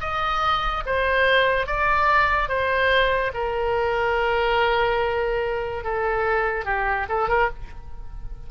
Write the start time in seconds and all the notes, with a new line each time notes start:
0.00 D#5
0.86 C5
1.67 D5
2.48 C5
3.34 A#4
5.84 A4
6.65 G4
7.09 A4
7.28 A#4